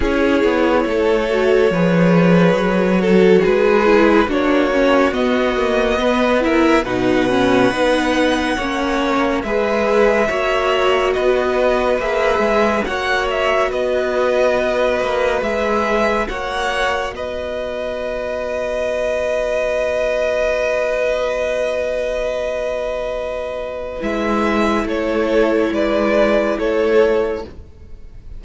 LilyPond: <<
  \new Staff \with { instrumentName = "violin" } { \time 4/4 \tempo 4 = 70 cis''1 | b'4 cis''4 dis''4. e''8 | fis''2. e''4~ | e''4 dis''4 e''4 fis''8 e''8 |
dis''2 e''4 fis''4 | dis''1~ | dis''1 | e''4 cis''4 d''4 cis''4 | }
  \new Staff \with { instrumentName = "violin" } { \time 4/4 gis'4 a'4 b'4. a'8 | gis'4 fis'2 b'8 ais'8 | b'2 cis''4 b'4 | cis''4 b'2 cis''4 |
b'2. cis''4 | b'1~ | b'1~ | b'4 a'4 b'4 a'4 | }
  \new Staff \with { instrumentName = "viola" } { \time 4/4 e'4. fis'8 gis'4. fis'8~ | fis'8 e'8 d'8 cis'8 b8 ais8 b8 e'8 | dis'8 cis'8 dis'4 cis'4 gis'4 | fis'2 gis'4 fis'4~ |
fis'2 gis'4 fis'4~ | fis'1~ | fis'1 | e'1 | }
  \new Staff \with { instrumentName = "cello" } { \time 4/4 cis'8 b8 a4 f4 fis4 | gis4 ais4 b2 | b,4 b4 ais4 gis4 | ais4 b4 ais8 gis8 ais4 |
b4. ais8 gis4 ais4 | b1~ | b1 | gis4 a4 gis4 a4 | }
>>